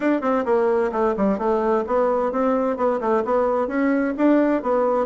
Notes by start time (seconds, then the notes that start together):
0.00 D4
0.21 C4
0.45 A#3
0.91 A3
1.16 G3
1.38 A3
1.86 B3
2.32 C4
2.77 B3
3.00 A3
3.24 B3
3.67 C#4
4.17 D4
4.62 B3